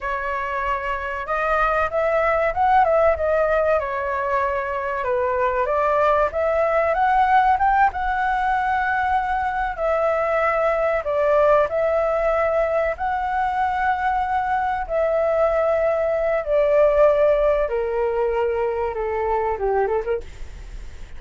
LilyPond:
\new Staff \with { instrumentName = "flute" } { \time 4/4 \tempo 4 = 95 cis''2 dis''4 e''4 | fis''8 e''8 dis''4 cis''2 | b'4 d''4 e''4 fis''4 | g''8 fis''2. e''8~ |
e''4. d''4 e''4.~ | e''8 fis''2. e''8~ | e''2 d''2 | ais'2 a'4 g'8 a'16 ais'16 | }